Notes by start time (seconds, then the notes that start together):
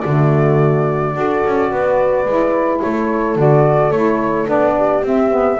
0.00 D3 A3 F#4 D5
1.14 D4 F#4 A4
1.46 C#4
1.71 B3 B4
2.25 G#3 E4
2.82 A3 A4 C#5
3.36 D3 F#4 D5
3.91 A3 E4 C#5
4.46 B3 D4 D5
4.77 G4
5.03 C4 E5
5.31 B3